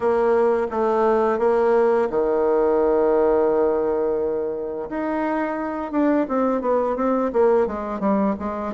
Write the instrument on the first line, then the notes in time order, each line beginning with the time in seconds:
bassoon
0.00 A#3
0.70 A3
1.38 A#3
2.10 D#3
4.89 D#4
5.91 D4
6.28 C4
6.61 B3
6.96 C4
7.33 A#3
7.66 G#3
7.99 G3
8.39 G#3